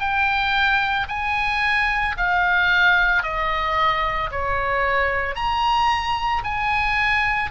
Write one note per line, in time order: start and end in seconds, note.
0.00 1.07 G5
1.08 2.15 G#5
2.17 3.23 F5
3.23 4.30 D#5
4.31 5.35 C#5
5.35 6.42 A#5
6.44 7.51 G#5